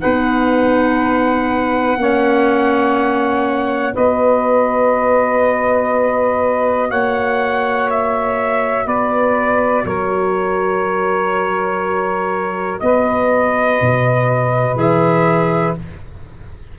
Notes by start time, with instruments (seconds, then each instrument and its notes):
0.00 tuba B3, clarinet D#4, saxophone B4, trumpet F#5
1.97 tuba A#3, clarinet C#4, saxophone C#5
3.94 tuba B3, clarinet F#4, saxophone B4, trumpet D#5
6.89 tuba A#3, saxophone C#5, trumpet F#5
7.90 trumpet E5
8.86 tuba B3, saxophone B4, trumpet D5
9.85 tuba F#3, saxophone A#4, trumpet C#5
12.80 tuba B3, saxophone B4, trumpet D#5
13.82 tuba B2
14.76 tuba E3, clarinet G#4, trumpet E5